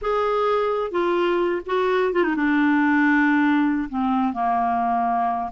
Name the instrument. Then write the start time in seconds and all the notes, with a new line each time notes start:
clarinet
0.01 G#4
0.91 F4
1.66 F#4
2.12 F4
2.23 D#4
2.36 D4
3.89 C4
4.33 A#3